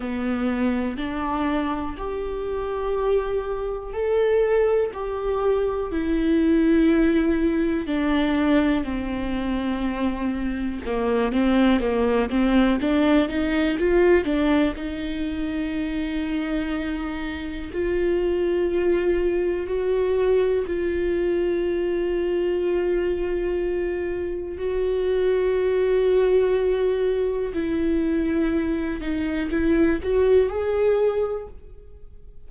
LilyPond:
\new Staff \with { instrumentName = "viola" } { \time 4/4 \tempo 4 = 61 b4 d'4 g'2 | a'4 g'4 e'2 | d'4 c'2 ais8 c'8 | ais8 c'8 d'8 dis'8 f'8 d'8 dis'4~ |
dis'2 f'2 | fis'4 f'2.~ | f'4 fis'2. | e'4. dis'8 e'8 fis'8 gis'4 | }